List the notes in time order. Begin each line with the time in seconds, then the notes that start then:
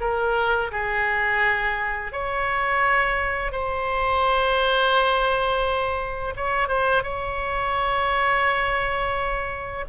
0.00 A#4
0.71 G#4
2.12 C#5
3.52 C5
6.36 C#5
6.68 C5
7.03 C#5